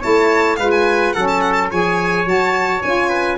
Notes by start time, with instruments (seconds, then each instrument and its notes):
0.00 tuba A3, saxophone E4, trumpet C#5, violin A5
0.57 tuba G#3, saxophone F4, trumpet B4, violin F5
0.71 violin G#5
1.13 tuba F#3, saxophone C#4, trumpet A4, violin F#5
1.28 violin A5
1.41 violin F#5
1.53 violin A5
1.71 tuba F3, saxophone G#4, trumpet C#5, violin G#5
2.25 tuba F#3, saxophone F#4, violin A5
2.82 tuba C#4, saxophone F4, violin G#5
3.09 trumpet B4